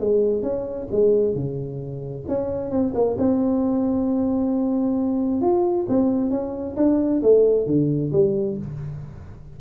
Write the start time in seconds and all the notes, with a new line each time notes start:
0.00 G#3
0.42 C#4
0.91 G#3
1.34 C#3
2.28 C#4
2.71 C4
2.94 A#3
3.18 C4
5.41 F4
5.89 C4
6.30 C#4
6.76 D4
7.22 A3
7.67 D3
8.12 G3